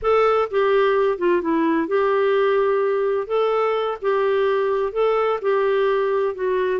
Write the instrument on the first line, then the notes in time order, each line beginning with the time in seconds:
clarinet
0.01 A4
0.50 G4
1.18 F4
1.41 E4
1.87 G4
3.27 A4
4.01 G4
4.92 A4
5.41 G4
6.34 F#4